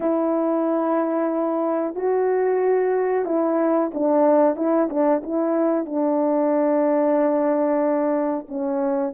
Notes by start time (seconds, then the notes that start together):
0.00 E4
1.95 F#4
3.25 E4
3.94 D4
4.56 E4
4.89 D4
5.23 E4
5.85 D4
8.48 C#4